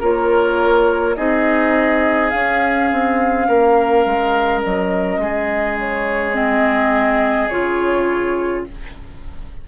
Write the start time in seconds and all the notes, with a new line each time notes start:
0.00 A#3 F4 A#4 C#5
1.16 C4 D#4 G#4 D#5
2.30 C#4 F5
2.92 C4
3.48 A#3 A#4
4.06 G#3
4.63 F#3 D#5
5.18 G#3 G#4
5.79 C#5
6.34 C4 D#5
7.49 C#3 F4 C#5